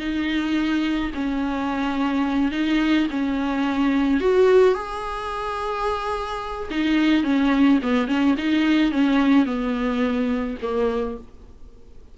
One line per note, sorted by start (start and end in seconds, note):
0.00 1.11 D#4
1.15 2.52 C#4
2.52 3.08 D#4
3.11 4.21 C#4
4.21 4.75 F#4
4.75 6.69 G#4
6.71 7.24 D#4
7.24 7.80 C#4
7.83 8.08 B3
8.08 8.36 C#4
8.38 8.92 D#4
8.92 9.46 C#4
9.46 10.57 B3
10.63 11.18 A#3